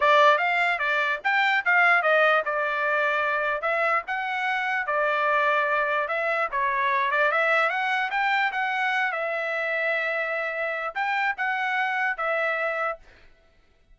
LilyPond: \new Staff \with { instrumentName = "trumpet" } { \time 4/4 \tempo 4 = 148 d''4 f''4 d''4 g''4 | f''4 dis''4 d''2~ | d''4 e''4 fis''2 | d''2. e''4 |
cis''4. d''8 e''4 fis''4 | g''4 fis''4. e''4.~ | e''2. g''4 | fis''2 e''2 | }